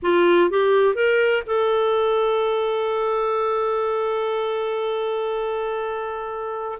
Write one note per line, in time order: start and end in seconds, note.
0.02 0.50 F4
0.50 0.94 G4
0.94 1.43 A#4
1.46 6.78 A4